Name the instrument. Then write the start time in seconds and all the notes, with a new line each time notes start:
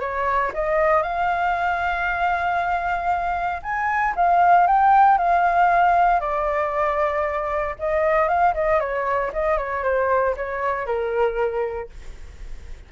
flute
0.00 C#5
0.54 D#5
1.03 F5
3.62 G#5
4.16 F5
4.67 G5
5.18 F5
6.20 D5
7.79 D#5
8.28 F5
8.54 D#5
8.80 C#5
9.33 D#5
9.57 C#5
9.83 C5
10.36 C#5
10.86 A#4